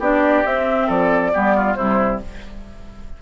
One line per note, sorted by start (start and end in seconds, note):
0.00 0.44 B3
0.00 0.45 D4
0.00 0.87 G4
0.00 0.47 D5
0.46 0.89 C4
0.46 1.33 C4
0.46 0.90 E5
0.87 1.33 F3
0.87 1.32 A4
0.87 1.75 D5
1.33 1.77 G3
1.33 1.77 B3
1.33 1.56 G4
1.57 1.77 F4
1.75 2.21 C3
1.75 2.22 G3
1.75 2.22 E4
1.75 2.19 C5